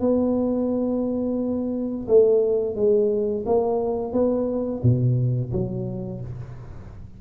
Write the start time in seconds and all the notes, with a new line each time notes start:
0.00 B3
2.08 A3
2.75 G#3
3.46 A#3
4.12 B3
4.83 B2
5.52 F#3